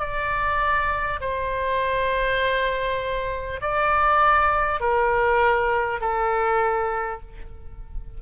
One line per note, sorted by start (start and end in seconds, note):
0.00 1.20 D5
1.21 3.61 C5
3.62 4.81 D5
4.81 6.01 A#4
6.01 7.21 A4